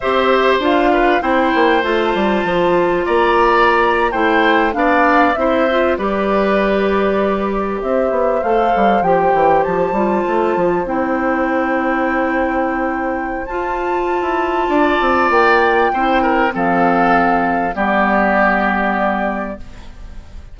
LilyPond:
<<
  \new Staff \with { instrumentName = "flute" } { \time 4/4 \tempo 4 = 98 e''4 f''4 g''4 a''4~ | a''4 ais''4.~ ais''16 g''4 f''16~ | f''8. e''4 d''2~ d''16~ | d''8. e''4 f''4 g''4 a''16~ |
a''4.~ a''16 g''2~ g''16~ | g''2 a''2~ | a''4 g''2 f''4~ | f''4 d''2. | }
  \new Staff \with { instrumentName = "oboe" } { \time 4/4 c''4. b'8 c''2~ | c''4 d''4.~ d''16 c''4 d''16~ | d''8. c''4 b'2~ b'16~ | b'8. c''2.~ c''16~ |
c''1~ | c''1 | d''2 c''8 ais'8 a'4~ | a'4 g'2. | }
  \new Staff \with { instrumentName = "clarinet" } { \time 4/4 g'4 f'4 e'4 f'4~ | f'2~ f'8. e'4 d'16~ | d'8. e'8 f'8 g'2~ g'16~ | g'4.~ g'16 a'4 g'4~ g'16~ |
g'16 f'4. e'2~ e'16~ | e'2 f'2~ | f'2 e'4 c'4~ | c'4 b2. | }
  \new Staff \with { instrumentName = "bassoon" } { \time 4/4 c'4 d'4 c'8 ais8 a8 g8 | f4 ais4.~ ais16 a4 b16~ | b8. c'4 g2~ g16~ | g8. c'8 b8 a8 g8 f8 e8 f16~ |
f16 g8 a8 f8 c'2~ c'16~ | c'2 f'4~ f'16 e'8. | d'8 c'8 ais4 c'4 f4~ | f4 g2. | }
>>